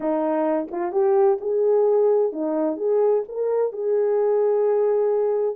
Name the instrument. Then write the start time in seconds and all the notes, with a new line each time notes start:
horn
0.00 D#4
0.71 F4
0.92 G4
1.40 G#4
2.32 D#4
2.76 G#4
3.28 A#4
3.72 G#4